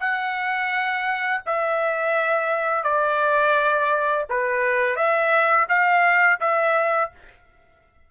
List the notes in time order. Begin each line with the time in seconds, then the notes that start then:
0.00 F#5
1.46 E5
2.83 D5
4.30 B4
4.96 E5
5.69 F5
6.40 E5